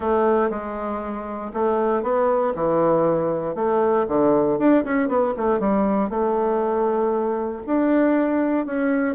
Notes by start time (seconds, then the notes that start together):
0.00 A3
0.50 G#3
1.53 A3
2.02 B3
2.54 E3
3.55 A3
4.08 D3
4.58 D4
4.84 C#4
5.08 B3
5.36 A3
5.59 G3
6.09 A3
7.66 D4
8.66 C#4